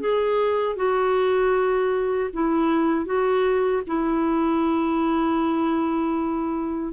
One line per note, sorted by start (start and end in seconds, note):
0.00 0.76 G#4
0.76 2.30 F#4
2.33 3.06 E4
3.06 3.83 F#4
3.87 6.93 E4